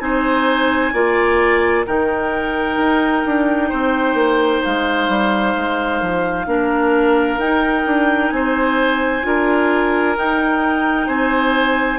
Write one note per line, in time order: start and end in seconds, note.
0.00 0.93 C4
0.00 0.92 D#4
0.00 0.94 C5
0.00 1.85 G#5
0.94 1.86 A#3
0.94 1.86 F4
0.94 1.86 D5
1.86 2.77 D#3
1.86 6.47 D#4
1.86 3.69 A#4
1.86 4.64 G5
2.77 3.24 D#4
3.26 3.72 D4
3.69 4.14 C4
3.69 6.46 C5
4.14 4.61 A#3
4.64 5.09 G#3
4.64 7.40 F5
5.09 5.55 G3
5.56 6.02 G#3
6.02 6.47 F3
6.47 7.38 A#3
6.47 7.40 D4
6.47 8.34 A#4
7.38 7.84 D#4
7.38 9.23 D#4
7.38 8.32 G5
7.87 8.32 D4
8.32 9.24 C4
8.32 9.27 C5
8.32 10.16 G#5
9.23 10.17 D4
9.23 10.16 F4
9.23 11.07 A#4
10.17 11.08 D#4
10.17 12.00 D#4
10.17 11.09 G5
11.07 12.00 C4
11.07 11.99 C5
11.07 12.00 G#5